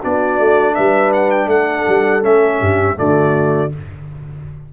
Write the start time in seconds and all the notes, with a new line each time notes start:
0.00 B3 D4 F#4 D5
0.39 A3
0.75 G3 B4 E5
1.13 F#5
1.31 G5
1.47 A3 A4 F#5
1.88 G3
2.22 A3 C#4 E5
2.59 G2 G4
2.96 D3 A3 F#4 D5